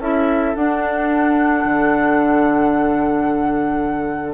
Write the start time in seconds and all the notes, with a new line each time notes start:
0.00 C#4 E4 A4 E5
0.56 D4 F#5
1.65 D3